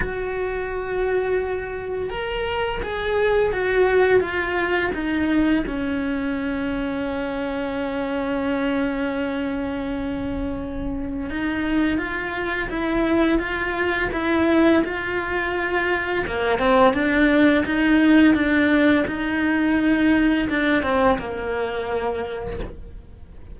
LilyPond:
\new Staff \with { instrumentName = "cello" } { \time 4/4 \tempo 4 = 85 fis'2. ais'4 | gis'4 fis'4 f'4 dis'4 | cis'1~ | cis'1 |
dis'4 f'4 e'4 f'4 | e'4 f'2 ais8 c'8 | d'4 dis'4 d'4 dis'4~ | dis'4 d'8 c'8 ais2 | }